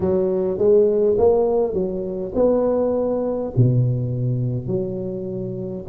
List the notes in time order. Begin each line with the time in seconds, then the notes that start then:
0.00 F#3
0.58 G#3
1.18 A#3
1.73 F#3
2.35 B3
3.56 B2
4.67 F#3